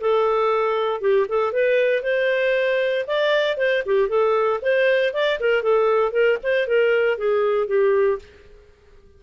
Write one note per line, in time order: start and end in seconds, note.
0.00 1.00 A4
1.00 1.26 G4
1.28 1.52 A4
1.52 2.02 B4
2.02 3.05 C5
3.07 3.57 D5
3.57 3.83 C5
3.86 4.08 G4
4.08 4.60 A4
4.62 5.13 C5
5.13 5.38 D5
5.40 5.62 A#4
5.62 6.11 A4
6.11 6.37 A#4
6.43 6.67 C5
6.67 7.17 A#4
7.17 7.67 G#4
7.67 8.18 G4